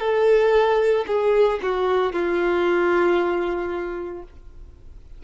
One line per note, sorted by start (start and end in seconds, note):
0.00 1.05 A4
1.07 1.60 G#4
1.63 2.12 F#4
2.12 4.23 F4